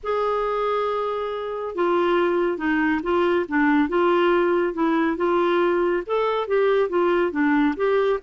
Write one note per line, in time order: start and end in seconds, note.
0.03 1.75 G#4
1.75 2.57 F4
2.57 3.01 D#4
3.02 3.45 F4
3.48 3.88 D4
3.88 4.73 F4
4.73 5.16 E4
5.17 6.03 F4
6.06 6.47 A4
6.47 6.89 G4
6.89 7.31 F4
7.31 7.74 D4
7.76 8.19 G4